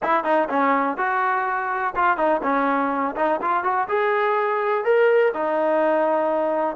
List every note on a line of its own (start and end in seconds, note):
0.02 0.24 E4
0.24 0.48 D#4
0.49 0.97 C#4
0.97 1.94 F#4
1.95 2.17 F4
2.17 2.41 D#4
2.42 3.15 C#4
3.16 3.40 D#4
3.41 3.63 F4
3.63 3.87 F#4
3.88 4.84 G#4
4.84 5.32 A#4
5.33 6.76 D#4